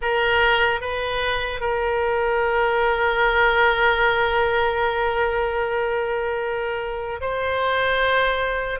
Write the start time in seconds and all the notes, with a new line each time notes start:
0.01 A#4
0.80 B4
1.60 A#4
7.20 C5